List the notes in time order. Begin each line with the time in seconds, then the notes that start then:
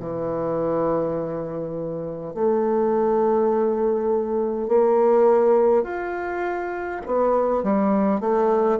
0.00 E3
2.34 A3
4.68 A#3
5.83 F4
7.06 B3
7.63 G3
8.20 A3